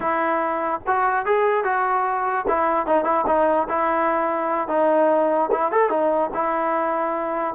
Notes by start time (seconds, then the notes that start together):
0.00 E4
0.86 F#4
1.25 G#4
1.64 F#4
2.47 E4
2.86 D#4
3.04 E4
3.26 D#4
3.68 E4
4.68 D#4
5.51 E4
5.71 A4
5.89 D#4
6.34 E4